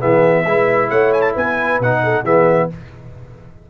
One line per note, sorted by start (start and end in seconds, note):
0.00 0.45 E3
0.00 0.45 B3
0.00 0.46 G#4
0.00 0.90 E5
0.45 0.90 G#3
0.45 1.83 E4
0.45 0.90 B4
0.90 1.35 A3
0.90 1.34 C#5
0.90 1.13 F#5
1.13 1.22 G#5
1.22 1.33 A5
1.34 1.80 B3
1.34 2.01 B4
1.34 1.82 G#5
1.80 2.24 B2
1.80 2.25 D#4
1.80 2.25 F#5
2.03 2.25 A4
2.24 2.68 E3
2.24 2.70 B3
2.24 2.69 G#4
2.24 2.70 E5